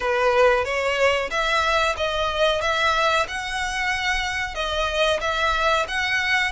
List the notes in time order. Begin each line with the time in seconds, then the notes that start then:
0.00 B4
0.64 C#5
1.30 E5
1.97 D#5
2.61 E5
3.28 F#5
4.54 D#5
5.20 E5
5.88 F#5